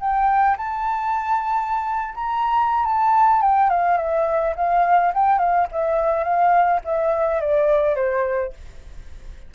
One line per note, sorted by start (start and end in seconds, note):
0.00 0.57 G5
0.57 2.15 A5
2.15 2.85 A#5
2.85 3.42 A5
3.42 3.70 G5
3.70 3.97 F5
3.97 4.55 E5
4.56 5.13 F5
5.14 5.39 G5
5.39 5.67 F5
5.72 6.24 E5
6.24 6.81 F5
6.84 7.41 E5
7.41 7.96 D5
7.96 8.53 C5